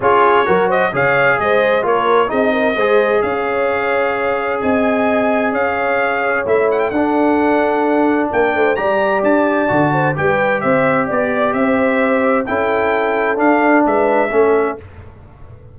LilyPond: <<
  \new Staff \with { instrumentName = "trumpet" } { \time 4/4 \tempo 4 = 130 cis''4. dis''8 f''4 dis''4 | cis''4 dis''2 f''4~ | f''2 gis''2 | f''2 e''8 fis''16 g''16 fis''4~ |
fis''2 g''4 ais''4 | a''2 g''4 e''4 | d''4 e''2 g''4~ | g''4 f''4 e''2 | }
  \new Staff \with { instrumentName = "horn" } { \time 4/4 gis'4 ais'8 c''8 cis''4 c''4 | ais'4 gis'8 ais'8 c''4 cis''4~ | cis''2 dis''2 | cis''2. a'4~ |
a'2 ais'8 c''8 d''4~ | d''4. c''8 b'4 c''4 | d''4 c''2 a'4~ | a'2 b'4 a'4 | }
  \new Staff \with { instrumentName = "trombone" } { \time 4/4 f'4 fis'4 gis'2 | f'4 dis'4 gis'2~ | gis'1~ | gis'2 e'4 d'4~ |
d'2. g'4~ | g'4 fis'4 g'2~ | g'2. e'4~ | e'4 d'2 cis'4 | }
  \new Staff \with { instrumentName = "tuba" } { \time 4/4 cis'4 fis4 cis4 gis4 | ais4 c'4 gis4 cis'4~ | cis'2 c'2 | cis'2 a4 d'4~ |
d'2 ais8 a8 g4 | d'4 d4 g4 c'4 | b4 c'2 cis'4~ | cis'4 d'4 gis4 a4 | }
>>